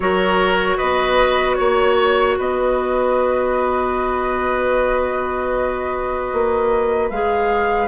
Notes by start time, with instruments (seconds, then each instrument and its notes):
0.00 bassoon F#3, clarinet F#4, oboe A#4, flute C#5
0.77 bassoon B3, oboe B4, flute D#5
1.54 bassoon A#3, flute C#5, oboe C#5
2.37 bassoon B3, oboe B4, flute D#5
6.32 bassoon A#3
7.10 bassoon G#3, clarinet G#4, flute F5